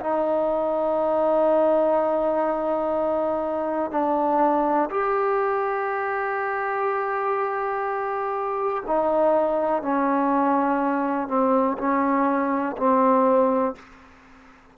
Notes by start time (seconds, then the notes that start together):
0.00 D#4
3.91 D4
4.90 G4
8.87 D#4
9.82 C#4
11.28 C4
11.78 C#4
12.77 C4